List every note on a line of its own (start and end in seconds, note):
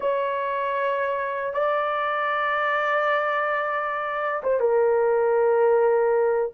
0.00 1.53 C#5
1.53 4.42 D5
4.43 4.60 C5
4.60 6.52 A#4